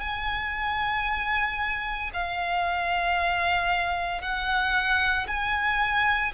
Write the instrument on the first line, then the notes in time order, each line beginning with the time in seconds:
violin
0.00 G#5
2.13 F5
4.22 F#5
5.28 G#5